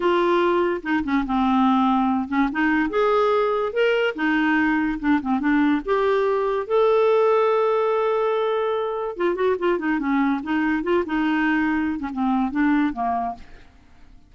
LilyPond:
\new Staff \with { instrumentName = "clarinet" } { \time 4/4 \tempo 4 = 144 f'2 dis'8 cis'8 c'4~ | c'4. cis'8 dis'4 gis'4~ | gis'4 ais'4 dis'2 | d'8 c'8 d'4 g'2 |
a'1~ | a'2 f'8 fis'8 f'8 dis'8 | cis'4 dis'4 f'8 dis'4.~ | dis'8. cis'16 c'4 d'4 ais4 | }